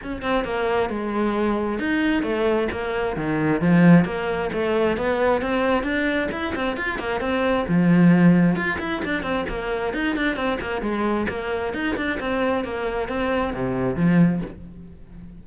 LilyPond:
\new Staff \with { instrumentName = "cello" } { \time 4/4 \tempo 4 = 133 cis'8 c'8 ais4 gis2 | dis'4 a4 ais4 dis4 | f4 ais4 a4 b4 | c'4 d'4 e'8 c'8 f'8 ais8 |
c'4 f2 f'8 e'8 | d'8 c'8 ais4 dis'8 d'8 c'8 ais8 | gis4 ais4 dis'8 d'8 c'4 | ais4 c'4 c4 f4 | }